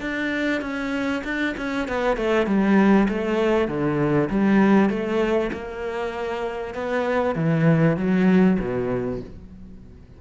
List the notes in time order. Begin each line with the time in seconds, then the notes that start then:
0.00 D4
0.61 C#4
1.24 D4
1.57 C#4
1.88 B3
2.17 A3
2.46 G3
3.08 A3
3.68 D3
4.30 G3
4.89 A3
5.52 A#3
6.74 B3
7.35 E3
7.96 F#3
8.59 B2